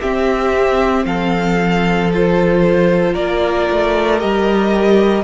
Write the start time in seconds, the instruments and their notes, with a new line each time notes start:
0.00 viola C4, cello C4, violin G4 E5
1.05 cello F3, violin A4 F5
2.12 viola F4, violin C5
3.13 cello A#3, violin A#4 D5
3.70 cello A3
4.19 cello G3, viola G4, violin D#5